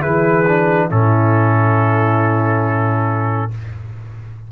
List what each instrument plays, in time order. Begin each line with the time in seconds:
0.00 tuba E3, trombone E4, horn G#4, trumpet B4
0.47 trombone D4
0.88 tuba A2, trombone C#4, horn E4, trumpet A4